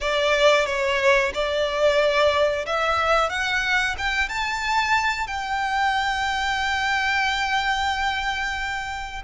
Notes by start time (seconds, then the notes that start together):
0.00 D5
0.66 C#5
1.34 D5
2.66 E5
3.29 F#5
3.97 G5
4.29 A5
5.27 G5